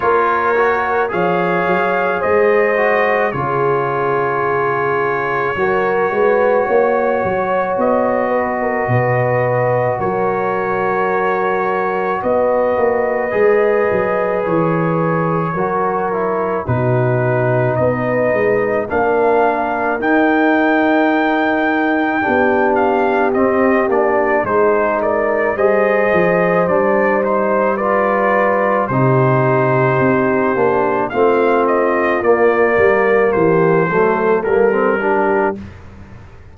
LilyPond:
<<
  \new Staff \with { instrumentName = "trumpet" } { \time 4/4 \tempo 4 = 54 cis''4 f''4 dis''4 cis''4~ | cis''2. dis''4~ | dis''4 cis''2 dis''4~ | dis''4 cis''2 b'4 |
dis''4 f''4 g''2~ | g''8 f''8 dis''8 d''8 c''8 d''8 dis''4 | d''8 c''8 d''4 c''2 | f''8 dis''8 d''4 c''4 ais'4 | }
  \new Staff \with { instrumentName = "horn" } { \time 4/4 ais'4 cis''4 c''4 gis'4~ | gis'4 ais'8 b'8 cis''4. b'16 ais'16 | b'4 ais'2 b'4~ | b'2 ais'4 fis'4 |
b'4 ais'2. | g'2 gis'8 ais'8 c''4~ | c''4 b'4 g'2 | f'4. ais'8 g'8 a'4 g'8 | }
  \new Staff \with { instrumentName = "trombone" } { \time 4/4 f'8 fis'8 gis'4. fis'8 f'4~ | f'4 fis'2.~ | fis'1 | gis'2 fis'8 e'8 dis'4~ |
dis'4 d'4 dis'2 | d'4 c'8 d'8 dis'4 gis'4 | d'8 dis'8 f'4 dis'4. d'8 | c'4 ais4. a8 ais16 c'16 d'8 | }
  \new Staff \with { instrumentName = "tuba" } { \time 4/4 ais4 f8 fis8 gis4 cis4~ | cis4 fis8 gis8 ais8 fis8 b4 | b,4 fis2 b8 ais8 | gis8 fis8 e4 fis4 b,4 |
b8 gis8 ais4 dis'2 | b4 c'8 ais8 gis4 g8 f8 | g2 c4 c'8 ais8 | a4 ais8 g8 e8 fis8 g4 | }
>>